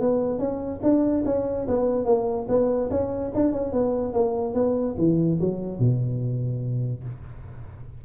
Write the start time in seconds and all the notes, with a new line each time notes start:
0.00 B3
0.39 C#4
0.83 D4
1.25 C#4
1.67 B3
2.05 A#3
2.48 B3
2.90 C#4
3.34 D4
3.52 C#4
3.72 B3
4.13 A#3
4.54 B3
4.98 E3
5.40 F#3
5.79 B2